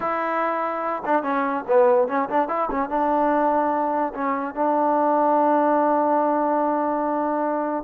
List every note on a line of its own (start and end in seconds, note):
0.00 1.02 E4
1.05 1.22 D4
1.22 1.64 C#4
1.67 2.08 B3
2.08 2.29 C#4
2.29 2.48 D4
2.48 2.69 E4
2.70 2.89 C#4
2.89 4.13 D4
4.14 4.54 C#4
4.54 7.84 D4